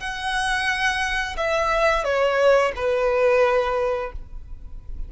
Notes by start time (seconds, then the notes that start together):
0.00 F#5
1.37 E5
2.04 C#5
2.76 B4